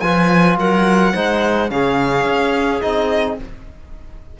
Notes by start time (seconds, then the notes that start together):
0.00 F3 F4 B4 G#5
0.58 F#3 A#4 F#5
1.13 G#3 D#4 C5
1.69 C#3 C#4 G#4 F5
2.26 C#4
2.81 C4 D#4 D#5